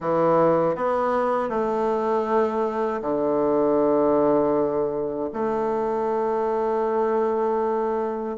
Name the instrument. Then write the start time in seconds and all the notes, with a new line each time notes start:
bassoon
0.00 E3
0.75 B3
1.49 A3
3.01 D3
5.33 A3